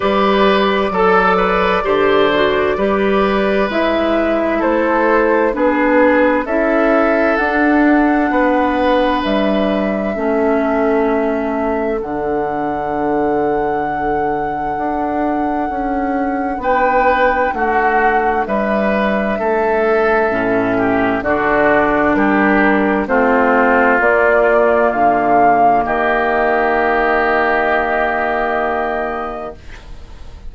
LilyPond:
<<
  \new Staff \with { instrumentName = "flute" } { \time 4/4 \tempo 4 = 65 d''1 | e''4 c''4 b'4 e''4 | fis''2 e''2~ | e''4 fis''2.~ |
fis''2 g''4 fis''4 | e''2. d''4 | ais'4 c''4 d''4 f''4 | dis''1 | }
  \new Staff \with { instrumentName = "oboe" } { \time 4/4 b'4 a'8 b'8 c''4 b'4~ | b'4 a'4 gis'4 a'4~ | a'4 b'2 a'4~ | a'1~ |
a'2 b'4 fis'4 | b'4 a'4. g'8 fis'4 | g'4 f'2. | g'1 | }
  \new Staff \with { instrumentName = "clarinet" } { \time 4/4 g'4 a'4 g'8 fis'8 g'4 | e'2 d'4 e'4 | d'2. cis'4~ | cis'4 d'2.~ |
d'1~ | d'2 cis'4 d'4~ | d'4 c'4 ais2~ | ais1 | }
  \new Staff \with { instrumentName = "bassoon" } { \time 4/4 g4 fis4 d4 g4 | gis4 a4 b4 cis'4 | d'4 b4 g4 a4~ | a4 d2. |
d'4 cis'4 b4 a4 | g4 a4 a,4 d4 | g4 a4 ais4 d4 | dis1 | }
>>